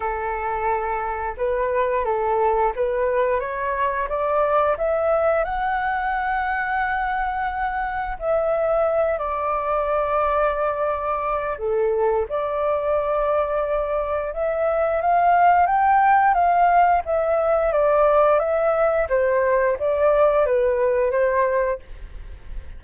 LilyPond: \new Staff \with { instrumentName = "flute" } { \time 4/4 \tempo 4 = 88 a'2 b'4 a'4 | b'4 cis''4 d''4 e''4 | fis''1 | e''4. d''2~ d''8~ |
d''4 a'4 d''2~ | d''4 e''4 f''4 g''4 | f''4 e''4 d''4 e''4 | c''4 d''4 b'4 c''4 | }